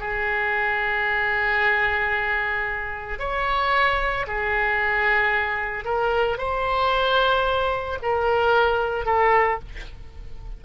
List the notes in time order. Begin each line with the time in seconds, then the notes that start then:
0.00 G#4
3.19 C#5
4.27 G#4
5.84 A#4
6.38 C5
8.02 A#4
9.05 A4